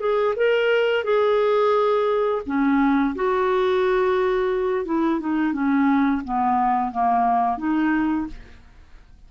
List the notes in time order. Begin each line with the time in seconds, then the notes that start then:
0.00 G#4
0.36 A#4
1.04 G#4
2.46 C#4
3.15 F#4
4.86 E4
5.20 D#4
5.53 C#4
6.25 B3
6.92 A#3
7.58 D#4